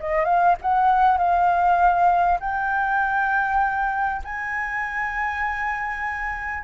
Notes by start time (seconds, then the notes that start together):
0.00 D#5
0.25 F5
0.62 F#5
1.18 F5
2.40 G5
4.25 G#5